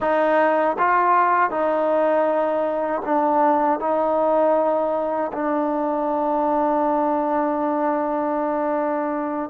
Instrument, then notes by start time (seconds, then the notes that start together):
trombone
0.00 D#4
0.78 F4
1.50 D#4
3.05 D4
3.79 D#4
5.32 D4